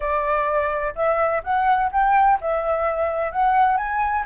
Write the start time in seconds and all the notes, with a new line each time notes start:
0.00 D5
0.95 E5
1.43 F#5
1.91 G5
2.41 E5
3.32 F#5
3.77 G#5